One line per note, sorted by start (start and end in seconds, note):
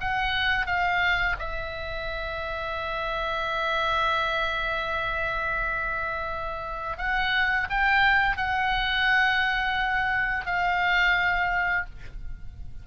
0.00 0.66 F#5
0.66 1.36 F5
1.39 6.97 E5
6.98 7.68 F#5
7.70 8.37 G5
8.37 10.46 F#5
10.46 11.85 F5